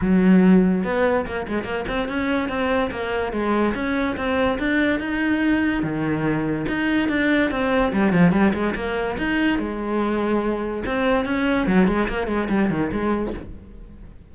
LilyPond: \new Staff \with { instrumentName = "cello" } { \time 4/4 \tempo 4 = 144 fis2 b4 ais8 gis8 | ais8 c'8 cis'4 c'4 ais4 | gis4 cis'4 c'4 d'4 | dis'2 dis2 |
dis'4 d'4 c'4 g8 f8 | g8 gis8 ais4 dis'4 gis4~ | gis2 c'4 cis'4 | fis8 gis8 ais8 gis8 g8 dis8 gis4 | }